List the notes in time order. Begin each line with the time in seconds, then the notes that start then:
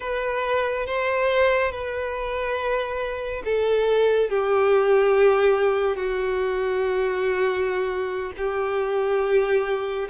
0.00 B4
0.86 C5
1.71 B4
3.44 A4
4.29 G4
5.96 F#4
8.37 G4